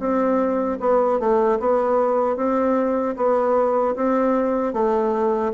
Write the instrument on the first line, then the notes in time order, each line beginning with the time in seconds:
bassoon
0.00 C4
0.80 B3
1.20 A3
1.60 B3
2.37 C4
3.17 B3
3.96 C4
4.74 A3